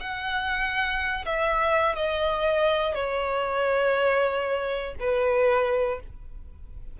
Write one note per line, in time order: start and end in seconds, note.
0.00 1.25 F#5
1.25 1.95 E5
1.95 2.95 D#5
2.95 4.95 C#5
5.00 6.00 B4